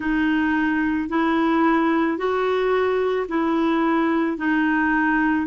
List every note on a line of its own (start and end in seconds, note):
0.00 1.09 D#4
1.09 2.17 E4
2.17 3.26 F#4
3.28 4.37 E4
4.37 5.46 D#4